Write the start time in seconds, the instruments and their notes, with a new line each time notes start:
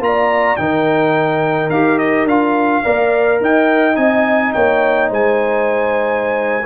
0.00 tuba A#3, trombone F4, trumpet A#5
0.06 horn D5
0.57 tuba D#3, trombone D#4, horn A#4, trumpet G5
1.70 tuba D#4, trombone G4, trumpet F5
1.99 trumpet D#5
2.25 tuba D4, trombone F4, trumpet F5
2.84 tuba A#3, trombone A#4, horn D5
3.41 tuba D#4, horn D#5, trumpet G5
3.94 tuba C4, trombone D#4, trumpet G#5
4.53 tuba A#3, horn C#5, trumpet G5
5.10 tuba G#3, horn C5, trumpet G#5